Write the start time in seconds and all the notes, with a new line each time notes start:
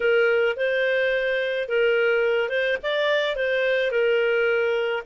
0.00 A#4
0.56 C5
1.68 A#4
2.49 C5
2.82 D5
3.36 C5
3.91 A#4